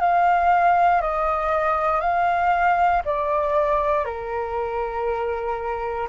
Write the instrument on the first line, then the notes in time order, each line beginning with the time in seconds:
flute
0.00 F5
1.01 D#5
2.00 F5
3.05 D5
4.05 A#4